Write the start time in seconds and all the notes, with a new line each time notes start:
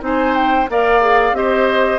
0.00 C4 D#4 C5 G#5
0.34 G5
0.69 A#3 A#4 D5 F5
1.01 G#4
1.32 C4 G4 C5 D#5